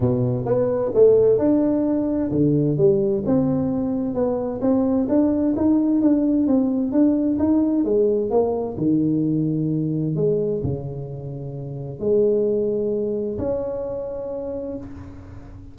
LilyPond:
\new Staff \with { instrumentName = "tuba" } { \time 4/4 \tempo 4 = 130 b,4 b4 a4 d'4~ | d'4 d4 g4 c'4~ | c'4 b4 c'4 d'4 | dis'4 d'4 c'4 d'4 |
dis'4 gis4 ais4 dis4~ | dis2 gis4 cis4~ | cis2 gis2~ | gis4 cis'2. | }